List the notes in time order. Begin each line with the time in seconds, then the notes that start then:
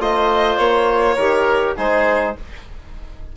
0.00 A3 F4 C5 D#5
0.58 A#3 C#5
1.15 D#3 G4 A#4
1.76 G#3 D#4 G#4 C5